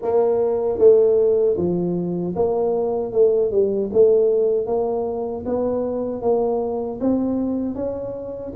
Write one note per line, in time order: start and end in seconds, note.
0.02 0.78 A#3
0.78 1.56 A3
1.57 2.34 F3
2.35 3.12 A#3
3.12 3.51 A3
3.51 3.90 G3
3.92 4.66 A3
4.66 5.44 A#3
5.45 6.21 B3
6.21 6.99 A#3
7.00 7.74 C4
7.74 8.52 C#4